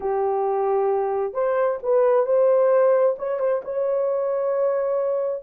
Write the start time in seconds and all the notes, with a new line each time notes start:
0.00 G4
1.33 C5
1.82 B4
2.26 C5
3.18 C#5
3.39 C5
3.64 C#5